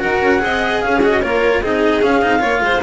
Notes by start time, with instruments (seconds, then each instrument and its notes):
0.00 double bass D#4, cello F#4, violin A#4, clarinet F#5
0.21 double bass C#4
0.39 double bass C4, cello G#4, violin D#5
0.81 double bass C#4, violin G#4, clarinet F5
1.03 cello F#4, clarinet D#5
1.22 double bass A#3, cello F4, violin A#4, clarinet C#5
1.63 double bass C4, cello D#4, violin G#4, clarinet D#5
2.02 cello C#4, double bass C#4, clarinet F5
2.22 double bass C4, cello D#4
2.39 double bass A#3, cello F4, violin C#5
2.61 double bass G#3, violin C5